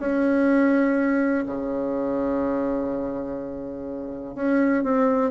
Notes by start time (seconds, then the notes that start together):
0.00 C#4
1.47 C#3
4.36 C#4
4.84 C4